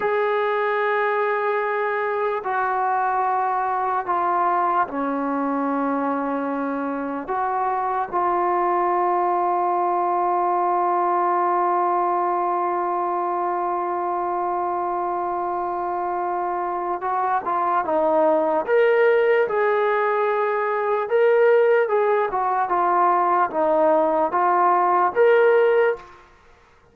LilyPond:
\new Staff \with { instrumentName = "trombone" } { \time 4/4 \tempo 4 = 74 gis'2. fis'4~ | fis'4 f'4 cis'2~ | cis'4 fis'4 f'2~ | f'1~ |
f'1~ | f'4 fis'8 f'8 dis'4 ais'4 | gis'2 ais'4 gis'8 fis'8 | f'4 dis'4 f'4 ais'4 | }